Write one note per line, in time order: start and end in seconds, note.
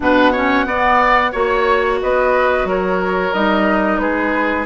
0.00 0.66 B2
0.00 0.33 D4
0.00 0.32 B4
0.00 1.33 F#5
0.32 0.65 C#4
0.32 0.65 C#5
0.65 1.31 B3
0.65 1.32 B3
0.65 1.31 D5
1.31 2.01 A#3
1.31 3.32 F#4
1.31 1.98 C#5
1.31 1.99 C#5
2.01 2.64 B3
2.01 2.68 B4
2.01 2.68 D#5
2.64 3.31 F#3
2.64 4.01 A#4
2.64 3.33 C#5
3.33 3.99 G3
3.33 4.65 D#4
3.33 3.98 D#5
3.98 4.65 G#3
3.98 4.65 G#4
3.98 4.65 B4